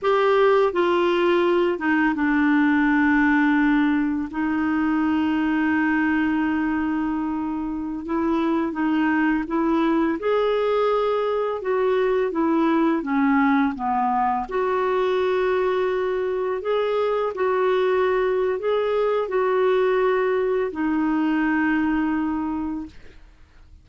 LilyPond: \new Staff \with { instrumentName = "clarinet" } { \time 4/4 \tempo 4 = 84 g'4 f'4. dis'8 d'4~ | d'2 dis'2~ | dis'2.~ dis'16 e'8.~ | e'16 dis'4 e'4 gis'4.~ gis'16~ |
gis'16 fis'4 e'4 cis'4 b8.~ | b16 fis'2. gis'8.~ | gis'16 fis'4.~ fis'16 gis'4 fis'4~ | fis'4 dis'2. | }